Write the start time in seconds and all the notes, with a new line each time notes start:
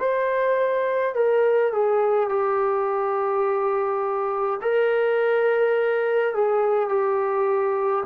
0.00 C5
1.15 A#4
1.73 G#4
2.30 G4
4.62 A#4
6.35 G#4
6.89 G4